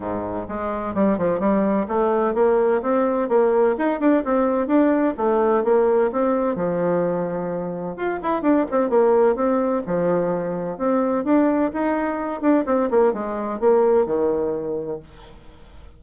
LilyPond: \new Staff \with { instrumentName = "bassoon" } { \time 4/4 \tempo 4 = 128 gis,4 gis4 g8 f8 g4 | a4 ais4 c'4 ais4 | dis'8 d'8 c'4 d'4 a4 | ais4 c'4 f2~ |
f4 f'8 e'8 d'8 c'8 ais4 | c'4 f2 c'4 | d'4 dis'4. d'8 c'8 ais8 | gis4 ais4 dis2 | }